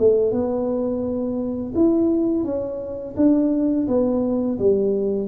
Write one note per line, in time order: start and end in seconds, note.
0.00 0.32 A3
0.32 1.73 B3
1.76 2.44 E4
2.44 3.15 C#4
3.17 3.88 D4
3.88 4.59 B3
4.59 5.29 G3